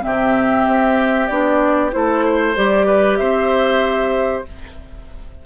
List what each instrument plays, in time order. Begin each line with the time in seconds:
0.00 bassoon C3, clarinet C4, flute E5
0.06 oboe G4
0.67 bassoon C4
1.27 bassoon B3, clarinet D4, flute D5
1.91 bassoon A3, clarinet E4, flute C5
1.97 oboe A4
2.25 oboe C5
2.56 bassoon G3, clarinet G4, flute D5
2.87 oboe B4
3.17 bassoon C4, oboe C5, flute E5